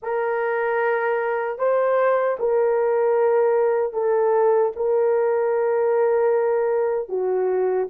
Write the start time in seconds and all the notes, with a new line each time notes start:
0.02 A#4
1.58 C5
2.39 A#4
3.93 A4
4.75 A#4
7.08 F#4